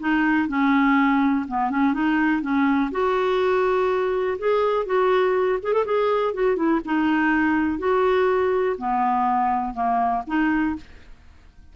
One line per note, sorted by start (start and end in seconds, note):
0.00 0.48 D#4
0.48 1.46 C#4
1.48 1.71 B3
1.71 1.93 C#4
1.93 2.42 D#4
2.42 2.91 C#4
2.92 4.38 F#4
4.39 4.86 G#4
4.86 5.59 F#4
5.63 5.73 G#4
5.73 5.85 A4
5.85 6.34 G#4
6.34 6.56 F#4
6.56 6.80 E4
6.85 7.79 D#4
7.79 8.76 F#4
8.78 9.74 B3
9.74 10.23 A#3
10.27 10.76 D#4